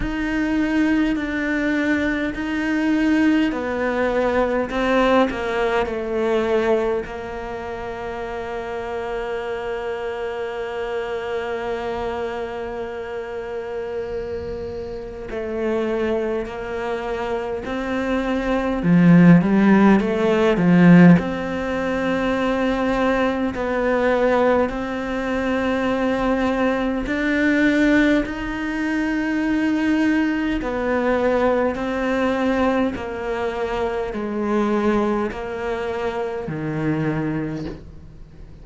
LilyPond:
\new Staff \with { instrumentName = "cello" } { \time 4/4 \tempo 4 = 51 dis'4 d'4 dis'4 b4 | c'8 ais8 a4 ais2~ | ais1~ | ais4 a4 ais4 c'4 |
f8 g8 a8 f8 c'2 | b4 c'2 d'4 | dis'2 b4 c'4 | ais4 gis4 ais4 dis4 | }